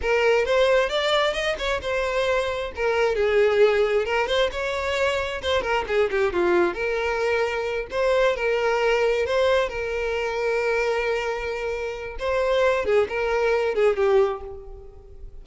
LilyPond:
\new Staff \with { instrumentName = "violin" } { \time 4/4 \tempo 4 = 133 ais'4 c''4 d''4 dis''8 cis''8 | c''2 ais'4 gis'4~ | gis'4 ais'8 c''8 cis''2 | c''8 ais'8 gis'8 g'8 f'4 ais'4~ |
ais'4. c''4 ais'4.~ | ais'8 c''4 ais'2~ ais'8~ | ais'2. c''4~ | c''8 gis'8 ais'4. gis'8 g'4 | }